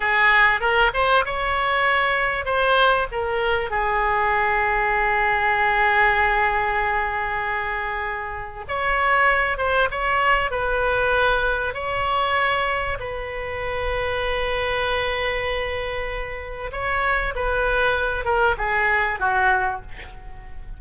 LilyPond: \new Staff \with { instrumentName = "oboe" } { \time 4/4 \tempo 4 = 97 gis'4 ais'8 c''8 cis''2 | c''4 ais'4 gis'2~ | gis'1~ | gis'2 cis''4. c''8 |
cis''4 b'2 cis''4~ | cis''4 b'2.~ | b'2. cis''4 | b'4. ais'8 gis'4 fis'4 | }